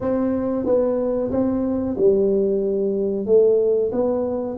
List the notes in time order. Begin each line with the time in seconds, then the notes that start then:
0.00 C4
0.65 B3
1.31 C4
1.97 G3
3.25 A3
3.91 B3